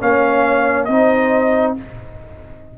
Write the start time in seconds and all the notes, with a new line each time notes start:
0.00 A#3 C#4 C#5 F5
0.85 C4 D#4 C5 D#5